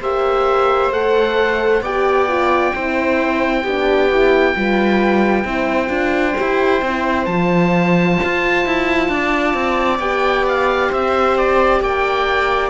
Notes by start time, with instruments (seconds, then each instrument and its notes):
0.00 cello A#3, horn G4, viola C5, oboe E5
0.90 cello A3, horn A4, oboe F#5
1.80 cello B3, horn G4, viola D5, oboe G5
2.27 horn F4
2.74 cello C4, horn E4, viola C5
3.63 cello B3, horn D4, viola G4
4.10 horn E4
4.55 cello G3, horn F4, viola B4
5.44 cello C4, horn E4, viola C5
5.87 cello D4, horn F4
6.36 cello E4, horn G4
6.81 cello C4, horn E4
7.25 cello F3, horn F4, oboe A5
8.23 cello F4
8.65 cello E4
9.09 cello D4, viola D5
9.54 cello C4
9.99 cello B3, horn G4, oboe G5
10.48 oboe F5
10.89 cello C4, viola C5, oboe E5
11.37 oboe D5
11.80 cello A#3, viola D5, oboe G5